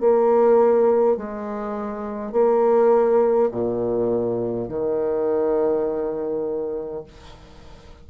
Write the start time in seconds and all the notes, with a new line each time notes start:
0.00 A#3
1.17 G#3
2.32 A#3
3.51 A#2
4.69 D#3